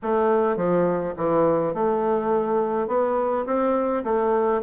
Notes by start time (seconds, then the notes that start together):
0.02 A3
0.56 F3
1.16 E3
1.74 A3
2.87 B3
3.46 C4
4.04 A3